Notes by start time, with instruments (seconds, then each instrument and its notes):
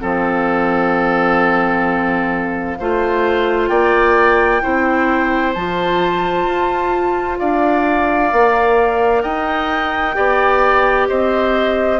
0.00 bassoon F3, clarinet C4, oboe A4, flute F5
2.79 bassoon A3, clarinet F4, oboe C5
3.68 bassoon A#3, oboe D5, flute G5
4.62 bassoon C4, clarinet E4, oboe C5
5.53 bassoon F3, clarinet F4, flute A5
6.46 bassoon F4
7.39 bassoon D4, oboe D5, flute F5
8.32 bassoon A#3, clarinet A#4
9.22 bassoon D#4, oboe D#5, flute G5
10.15 bassoon B3, clarinet G4, oboe D5
11.08 bassoon C4, oboe C5, flute D#5